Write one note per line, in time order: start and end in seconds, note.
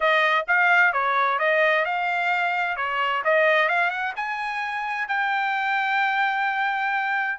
0.00 0.45 D#5
0.47 0.92 F5
0.92 1.38 C#5
1.38 1.85 D#5
1.85 2.76 F5
2.76 3.22 C#5
3.24 3.68 D#5
3.68 3.90 F5
3.90 4.13 F#5
4.16 5.08 G#5
5.08 7.38 G5